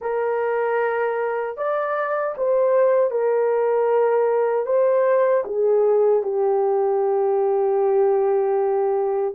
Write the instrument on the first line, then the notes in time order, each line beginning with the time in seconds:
horn
0.01 A#4
1.57 D5
2.37 C5
3.10 A#4
4.65 C5
5.44 G#4
6.22 G4